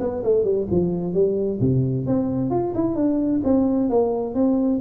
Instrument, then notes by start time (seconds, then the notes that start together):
tuba
0.00 B3
0.24 A3
0.44 G3
0.71 F3
1.13 G3
1.61 C3
2.07 C4
2.50 F4
2.75 E4
2.95 D4
3.44 C4
3.90 A#3
4.34 C4